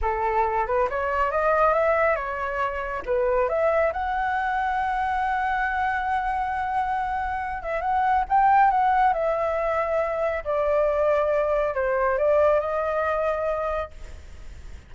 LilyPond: \new Staff \with { instrumentName = "flute" } { \time 4/4 \tempo 4 = 138 a'4. b'8 cis''4 dis''4 | e''4 cis''2 b'4 | e''4 fis''2.~ | fis''1~ |
fis''4. e''8 fis''4 g''4 | fis''4 e''2. | d''2. c''4 | d''4 dis''2. | }